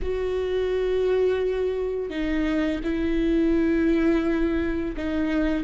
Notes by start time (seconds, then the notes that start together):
0.02 F#4
2.10 D#4
2.83 E4
4.96 D#4